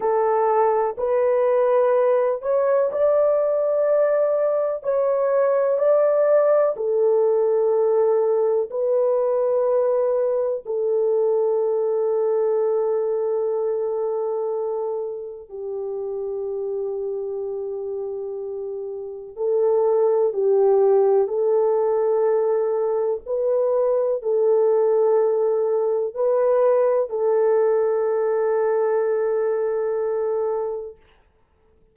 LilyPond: \new Staff \with { instrumentName = "horn" } { \time 4/4 \tempo 4 = 62 a'4 b'4. cis''8 d''4~ | d''4 cis''4 d''4 a'4~ | a'4 b'2 a'4~ | a'1 |
g'1 | a'4 g'4 a'2 | b'4 a'2 b'4 | a'1 | }